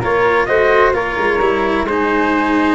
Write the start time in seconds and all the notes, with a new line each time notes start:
0.00 A#3 F4 A#4 C#5
0.46 A3 F#4 C5 D#5
0.93 A#3 F4 A#4 C#5
1.18 G#3
1.40 G3 E4
1.84 G#3 D#4 C5
1.91 G#4